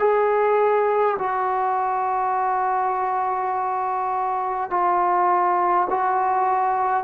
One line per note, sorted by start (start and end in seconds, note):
0.00 1.18 G#4
1.19 4.71 F#4
4.71 5.88 F4
5.90 7.04 F#4